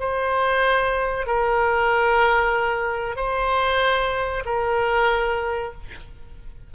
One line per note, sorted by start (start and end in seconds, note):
0.00 1.27 C5
1.27 3.16 A#4
3.16 4.44 C5
4.46 5.73 A#4